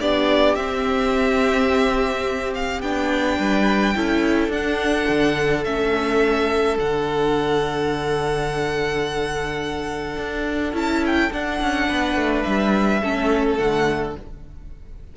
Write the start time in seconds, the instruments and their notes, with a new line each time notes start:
0.00 cello B3, viola D4, violin G4 D5
0.55 cello C4, viola C4, violin E5
2.54 violin F5
2.81 cello B3, viola D4, violin G5
3.38 cello G3, violin B4
3.95 cello C#4, viola E4, violin A4
4.48 cello D4, viola D4, violin F#5
5.08 cello D3
5.64 cello A3, viola C#4, violin E5
6.77 cello D3, viola D4, violin F#5
10.16 cello D4
10.73 cello C#4, viola E4, violin A5
11.06 violin G5
11.32 viola D4, cello D4, violin F#5
11.60 cello C#4
11.88 cello B3, violin B4
12.15 cello A3
12.42 cello G3, violin E5
13.01 cello A3, viola C#4, violin A4
13.57 cello D3, viola A3, violin F#5